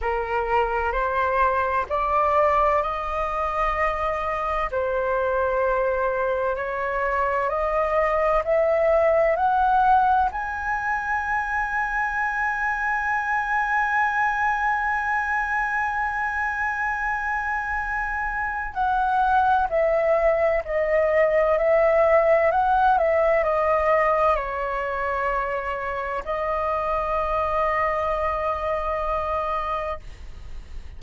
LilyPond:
\new Staff \with { instrumentName = "flute" } { \time 4/4 \tempo 4 = 64 ais'4 c''4 d''4 dis''4~ | dis''4 c''2 cis''4 | dis''4 e''4 fis''4 gis''4~ | gis''1~ |
gis''1 | fis''4 e''4 dis''4 e''4 | fis''8 e''8 dis''4 cis''2 | dis''1 | }